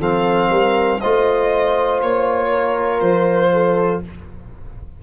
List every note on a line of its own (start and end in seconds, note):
0.00 0.50 F3
0.00 1.01 C4
0.00 0.50 A4
0.00 1.00 F5
0.50 1.00 G3
0.50 1.00 A#4
1.00 2.01 A3
1.00 4.03 F4
1.00 2.49 C5
1.00 2.00 D#5
2.01 3.01 A#3
2.01 3.00 C#5
2.49 3.49 A#4
3.00 4.01 F3
3.00 4.00 C5
3.53 4.03 A4